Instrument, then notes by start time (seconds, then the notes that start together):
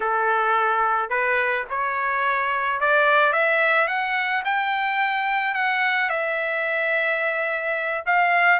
trumpet
0.00 A4
1.09 B4
1.70 C#5
2.80 D5
3.33 E5
3.87 F#5
4.44 G5
5.54 F#5
6.09 E5
8.06 F5